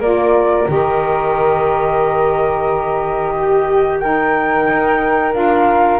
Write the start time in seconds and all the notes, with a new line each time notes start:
0.00 A#3 F4 A#4 D5
0.67 D#3 G4 D#5
3.36 G4
3.99 D#4 A#4 G5
4.68 D#4
5.33 D4 F4 F5